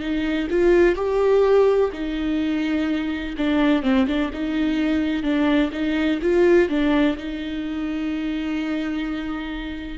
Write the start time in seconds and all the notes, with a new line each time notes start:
0.00 D#4
0.50 F4
0.95 G4
1.92 D#4
3.37 D4
3.82 C4
4.06 D4
4.32 D#4
5.23 D4
5.72 D#4
6.22 F4
6.69 D4
7.16 D#4